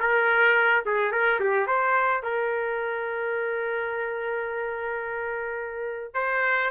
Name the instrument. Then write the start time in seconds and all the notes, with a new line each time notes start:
trumpet
0.00 A#4
0.86 G#4
1.12 A#4
1.40 G4
1.67 C5
2.23 A#4
6.15 C5